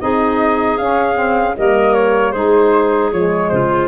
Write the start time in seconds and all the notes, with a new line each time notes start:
0.00 C4 D#4 G#4 D#5
0.78 C#4 F5
1.14 C4
1.57 G3 A#3 A#4 D#5
1.94 C#5
2.32 G#3 D#4 G#4 C5
3.12 F3 G#3 C#5
3.50 C#3 F4 C5